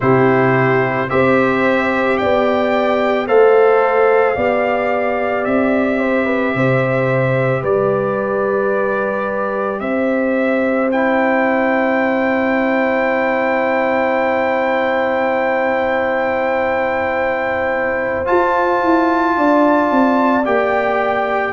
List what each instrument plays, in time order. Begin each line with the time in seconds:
0.00 tuba C3, trombone E4, horn G4, trumpet C5
1.09 tuba C4, trombone G4, horn C5, trumpet E5
2.17 tuba B3, horn D5, trumpet G5
3.27 tuba A3, trombone A4, horn C5, trumpet F5
4.35 tuba B3, trombone G4, horn D5
5.44 tuba C4, trumpet E5
5.99 horn C5
6.25 horn B4
6.55 tuba C3, horn C5
7.61 tuba G3, horn B4, trumpet D5
9.80 tuba C4, horn C5, trumpet E5
10.91 trombone E4, trumpet G5
18.25 trombone F4, tuba F4, trumpet A5
18.82 tuba E4
19.36 tuba D4, horn D5
19.91 tuba C4
20.45 tuba A#3, trombone G4, trumpet G5